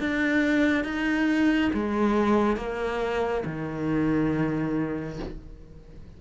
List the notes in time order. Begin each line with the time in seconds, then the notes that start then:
0.00 D4
0.84 D#4
1.74 G#3
2.57 A#3
3.45 D#3